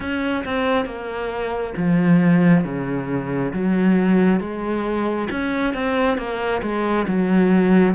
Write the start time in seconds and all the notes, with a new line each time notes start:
0.00 C#4
0.44 C4
0.85 A#3
1.76 F3
2.64 C#3
3.53 F#3
4.40 G#3
5.31 C#4
5.74 C4
6.17 A#3
6.62 G#3
7.07 F#3